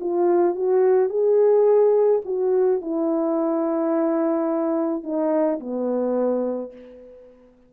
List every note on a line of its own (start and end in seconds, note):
0.00 0.55 F4
0.55 1.09 F#4
1.09 2.21 G#4
2.25 2.81 F#4
2.81 5.03 E4
5.03 5.59 D#4
5.60 6.72 B3